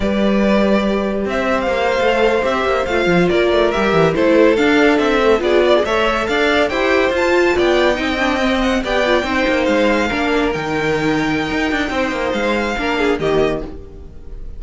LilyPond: <<
  \new Staff \with { instrumentName = "violin" } { \time 4/4 \tempo 4 = 141 d''2. e''8. f''16~ | f''4.~ f''16 e''4 f''4 d''16~ | d''8. e''4 c''4 f''4 e''16~ | e''8. d''4 e''4 f''4 g''16~ |
g''8. a''4 g''2~ g''16~ | g''16 fis''8 g''2 f''4~ f''16~ | f''8. g''2.~ g''16~ | g''4 f''2 dis''4 | }
  \new Staff \with { instrumentName = "violin" } { \time 4/4 b'2. c''4~ | c''2.~ c''8. ais'16~ | ais'4.~ ais'16 a'2~ a'16~ | a'8. gis'8 d''16 gis'16 cis''4 d''4 c''16~ |
c''4.~ c''16 d''4 dis''4~ dis''16~ | dis''8. d''4 c''2 ais'16~ | ais'1 | c''2 ais'8 gis'8 g'4 | }
  \new Staff \with { instrumentName = "viola" } { \time 4/4 g'1~ | g'8. a'4 g'4 f'4~ f'16~ | f'8. g'4 e'4 d'4~ d'16~ | d'16 a8 f'4 a'2 g'16~ |
g'8. f'2 dis'8 d'8 c'16~ | c'8. g'8 f'8 dis'2 d'16~ | d'8. dis'2.~ dis'16~ | dis'2 d'4 ais4 | }
  \new Staff \with { instrumentName = "cello" } { \time 4/4 g2. c'4 | ais8. a4 c'8 ais8 a8 f8 ais16~ | ais16 a8 g8 e8 a4 d'4 c'16~ | c'8. b4 a4 d'4 e'16~ |
e'8. f'4 b4 c'4~ c'16~ | c'8. b4 c'8 ais8 gis4 ais16~ | ais8. dis2~ dis16 dis'8 d'8 | c'8 ais8 gis4 ais4 dis4 | }
>>